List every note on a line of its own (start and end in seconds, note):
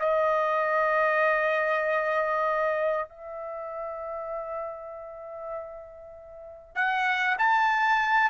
0.00 3.09 D#5
3.09 6.75 E5
6.75 7.37 F#5
7.39 8.30 A5